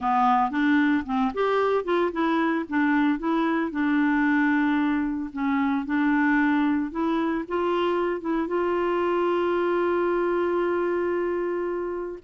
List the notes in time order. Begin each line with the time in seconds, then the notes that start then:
0.00 B3
0.50 D4
1.05 C4
1.33 G4
1.84 F4
2.11 E4
2.68 D4
3.18 E4
3.71 D4
5.32 C#4
5.85 D4
6.91 E4
7.47 F4
8.21 E4
8.47 F4